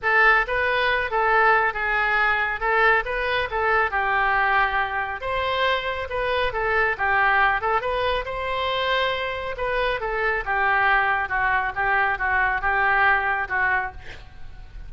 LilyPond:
\new Staff \with { instrumentName = "oboe" } { \time 4/4 \tempo 4 = 138 a'4 b'4. a'4. | gis'2 a'4 b'4 | a'4 g'2. | c''2 b'4 a'4 |
g'4. a'8 b'4 c''4~ | c''2 b'4 a'4 | g'2 fis'4 g'4 | fis'4 g'2 fis'4 | }